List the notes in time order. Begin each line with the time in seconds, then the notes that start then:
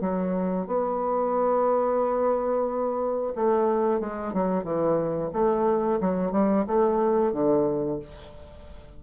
0.00 F#3
0.67 B3
3.35 A3
4.00 G#3
4.33 F#3
4.63 E3
5.33 A3
6.00 F#3
6.31 G3
6.66 A3
7.32 D3